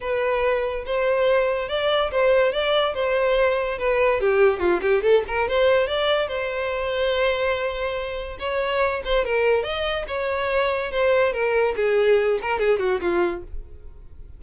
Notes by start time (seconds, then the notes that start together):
0.00 B4
0.85 C5
1.69 D5
2.11 C5
2.52 D5
2.94 C5
3.78 B4
4.20 G4
4.59 F4
4.81 G4
5.02 A4
5.27 A#4
5.48 C5
5.87 D5
6.27 C5
8.39 C#5
9.04 C5
9.24 A#4
9.63 D#5
10.07 C#5
10.91 C5
11.32 A#4
11.76 G#4
12.41 A#4
12.59 G#4
12.79 F#4
13.01 F4